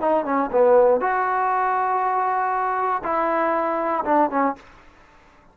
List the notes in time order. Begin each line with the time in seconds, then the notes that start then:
0.00 D#4
0.25 C#4
0.52 B3
1.00 F#4
3.03 E4
4.05 D4
4.30 C#4